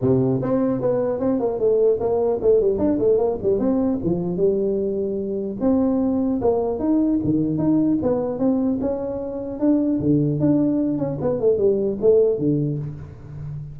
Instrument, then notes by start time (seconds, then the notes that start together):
tuba
0.01 C3
0.41 C4
0.81 B3
1.19 C4
1.39 A#3
1.59 A3
2.00 A#3
2.41 A3
2.61 G3
2.78 D4
2.98 A3
3.18 A#3
3.42 G3
3.59 C4
4.03 F3
4.36 G3
5.60 C4
6.41 A#3
6.79 D#4
7.24 D#3
7.57 D#4
8.02 B3
8.39 C4
8.80 C#4
9.59 D4
9.99 D3
10.40 D4
10.97 C#4
11.21 B3
11.40 A3
11.58 G3
12.01 A3
12.38 D3